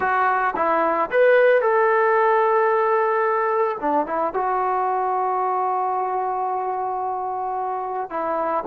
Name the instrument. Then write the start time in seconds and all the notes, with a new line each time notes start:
trombone
0.00 F#4
0.56 E4
1.11 B4
1.61 A4
3.80 D4
4.06 E4
4.33 F#4
8.10 E4